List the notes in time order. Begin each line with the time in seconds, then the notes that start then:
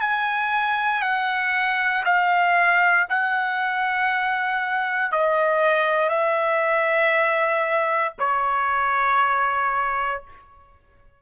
0.00 G#5
1.02 F#5
2.04 F5
3.09 F#5
5.12 D#5
6.09 E5
8.18 C#5